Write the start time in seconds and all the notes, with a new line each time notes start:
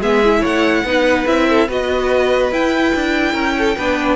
0.00 G#3 B3 G#4 E5
0.24 E4
0.40 A3 C#5 F#5
0.84 B3 D#4 B4
1.26 C4 E4 E5
1.49 A4
1.68 B3 F#4 B4 D#5
2.51 E4 G5
2.95 D4
3.32 C#4 A#4
3.58 A4
3.77 B3 D4 B4